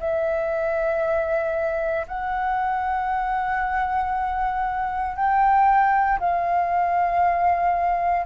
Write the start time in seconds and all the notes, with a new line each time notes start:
0.00 E5
2.08 F#5
5.16 G5
6.20 F5